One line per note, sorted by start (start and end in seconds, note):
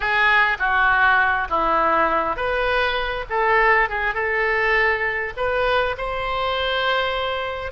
0.00 0.57 G#4
0.59 1.48 F#4
1.49 2.36 E4
2.36 3.25 B4
3.29 3.89 A4
3.89 4.14 G#4
4.14 5.33 A4
5.36 5.96 B4
5.97 7.71 C5